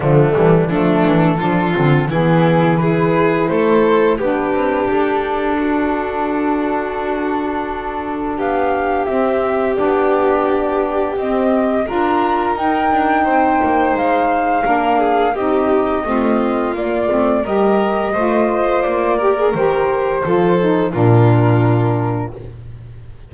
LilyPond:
<<
  \new Staff \with { instrumentName = "flute" } { \time 4/4 \tempo 4 = 86 d'4 a'2 gis'4 | b'4 c''4 b'4 a'4~ | a'1 | f''4 e''4 d''2 |
dis''4 ais''4 g''2 | f''2 dis''2 | d''4 dis''2 d''4 | c''2 ais'2 | }
  \new Staff \with { instrumentName = "violin" } { \time 4/4 a4 d'4 f'4 e'4 | gis'4 a'4 g'2 | fis'1 | g'1~ |
g'4 ais'2 c''4~ | c''4 ais'8 gis'8 g'4 f'4~ | f'4 ais'4 c''4. ais'8~ | ais'4 a'4 f'2 | }
  \new Staff \with { instrumentName = "saxophone" } { \time 4/4 f8 g8 a4 d'8 c'8 b4 | e'2 d'2~ | d'1~ | d'4 c'4 d'2 |
c'4 f'4 dis'2~ | dis'4 d'4 dis'4 c'4 | ais8 c'8 g'4 f'4. g'16 gis'16 | g'4 f'8 dis'8 d'2 | }
  \new Staff \with { instrumentName = "double bass" } { \time 4/4 d8 e8 f8 e8 f8 d8 e4~ | e4 a4 b8 c'8 d'4~ | d'1 | b4 c'4 b2 |
c'4 d'4 dis'8 d'8 c'8 ais8 | gis4 ais4 c'4 a4 | ais8 a8 g4 a4 ais4 | dis4 f4 ais,2 | }
>>